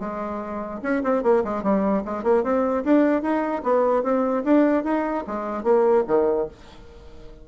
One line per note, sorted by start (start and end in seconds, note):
0.00 0.81 G#3
0.83 1.03 C#4
1.03 1.23 C4
1.23 1.43 A#3
1.44 1.63 G#3
1.63 2.03 G3
2.05 2.23 G#3
2.23 2.44 A#3
2.44 2.84 C4
2.84 3.22 D4
3.22 3.62 D#4
3.64 4.03 B3
4.03 4.43 C4
4.44 4.84 D4
4.84 5.24 D#4
5.27 5.64 G#3
5.64 6.04 A#3
6.08 6.48 D#3